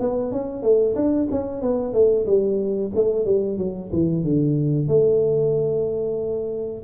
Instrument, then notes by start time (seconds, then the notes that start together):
tuba
0.00 B3
0.32 C#4
0.63 A3
0.95 D4
1.31 C#4
1.62 B3
1.94 A3
2.26 G3
2.95 A3
3.26 G3
3.58 F#3
3.92 E3
4.24 D3
4.88 A3